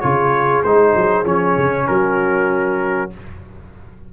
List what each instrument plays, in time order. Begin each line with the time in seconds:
0.00 tuba C#3, trombone F4, horn G#4, trumpet C#5
0.63 tuba G#3, trombone D#4, trumpet C5
0.95 tuba F#3
1.24 tuba F3, trombone C#4, trumpet C#5
1.57 tuba C#3
1.87 tuba F#3, horn F#4, trumpet A#4